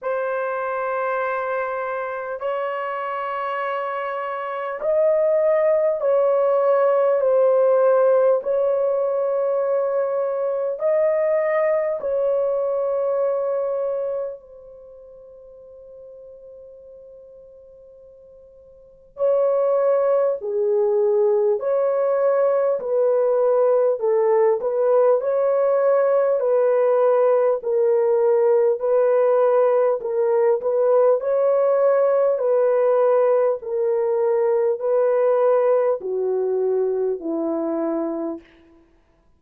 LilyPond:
\new Staff \with { instrumentName = "horn" } { \time 4/4 \tempo 4 = 50 c''2 cis''2 | dis''4 cis''4 c''4 cis''4~ | cis''4 dis''4 cis''2 | c''1 |
cis''4 gis'4 cis''4 b'4 | a'8 b'8 cis''4 b'4 ais'4 | b'4 ais'8 b'8 cis''4 b'4 | ais'4 b'4 fis'4 e'4 | }